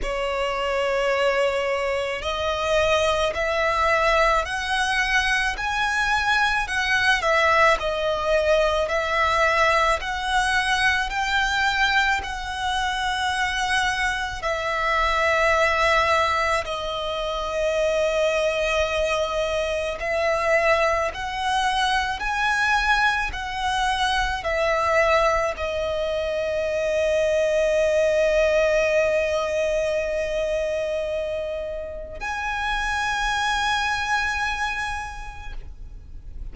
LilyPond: \new Staff \with { instrumentName = "violin" } { \time 4/4 \tempo 4 = 54 cis''2 dis''4 e''4 | fis''4 gis''4 fis''8 e''8 dis''4 | e''4 fis''4 g''4 fis''4~ | fis''4 e''2 dis''4~ |
dis''2 e''4 fis''4 | gis''4 fis''4 e''4 dis''4~ | dis''1~ | dis''4 gis''2. | }